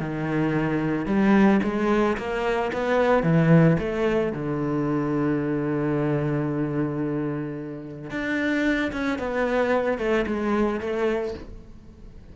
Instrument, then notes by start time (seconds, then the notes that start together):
cello
0.00 D#3
1.06 G3
1.63 G#3
2.17 A#3
2.72 B3
3.23 E3
3.79 A3
4.32 D3
8.11 D4
8.92 C#4
9.19 B3
9.98 A3
10.27 G#3
10.80 A3